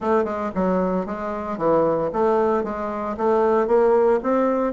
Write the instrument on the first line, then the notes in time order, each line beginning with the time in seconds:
bassoon
0.00 A3
0.24 G#3
0.54 F#3
1.06 G#3
1.57 E3
2.12 A3
2.63 G#3
3.17 A3
3.67 A#3
4.22 C4